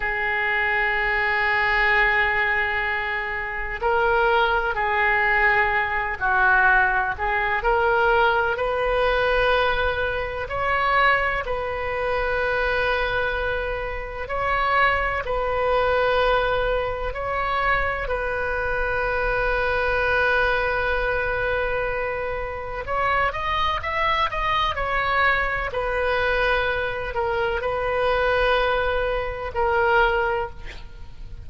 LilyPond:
\new Staff \with { instrumentName = "oboe" } { \time 4/4 \tempo 4 = 63 gis'1 | ais'4 gis'4. fis'4 gis'8 | ais'4 b'2 cis''4 | b'2. cis''4 |
b'2 cis''4 b'4~ | b'1 | cis''8 dis''8 e''8 dis''8 cis''4 b'4~ | b'8 ais'8 b'2 ais'4 | }